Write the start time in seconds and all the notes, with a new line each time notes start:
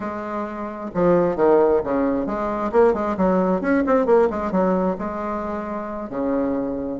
0.00 G#3
0.94 F3
1.36 D#3
1.84 C#3
2.26 G#3
2.71 A#3
2.93 G#3
3.17 F#3
3.61 C#4
3.86 C4
4.06 A#3
4.30 G#3
4.51 F#3
4.98 G#3
6.09 C#3